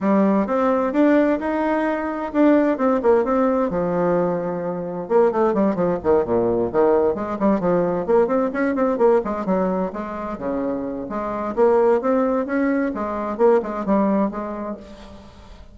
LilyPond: \new Staff \with { instrumentName = "bassoon" } { \time 4/4 \tempo 4 = 130 g4 c'4 d'4 dis'4~ | dis'4 d'4 c'8 ais8 c'4 | f2. ais8 a8 | g8 f8 dis8 ais,4 dis4 gis8 |
g8 f4 ais8 c'8 cis'8 c'8 ais8 | gis8 fis4 gis4 cis4. | gis4 ais4 c'4 cis'4 | gis4 ais8 gis8 g4 gis4 | }